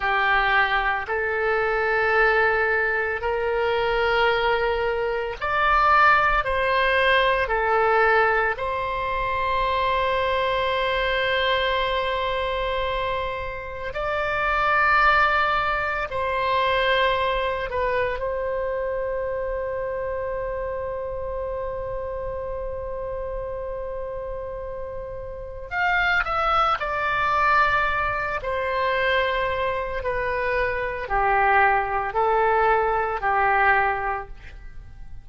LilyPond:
\new Staff \with { instrumentName = "oboe" } { \time 4/4 \tempo 4 = 56 g'4 a'2 ais'4~ | ais'4 d''4 c''4 a'4 | c''1~ | c''4 d''2 c''4~ |
c''8 b'8 c''2.~ | c''1 | f''8 e''8 d''4. c''4. | b'4 g'4 a'4 g'4 | }